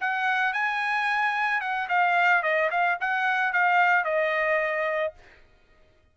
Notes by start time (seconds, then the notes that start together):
0.00 F#5
0.53 G#5
1.60 F#5
1.88 F5
2.42 D#5
2.70 F5
3.00 F#5
3.52 F5
4.04 D#5